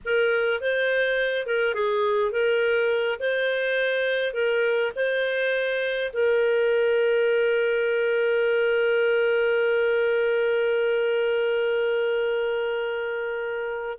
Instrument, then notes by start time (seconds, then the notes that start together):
clarinet
0.05 A#4
0.60 C5
1.46 A#4
1.74 G#4
2.31 A#4
3.19 C5
4.33 A#4
4.95 C5
6.12 A#4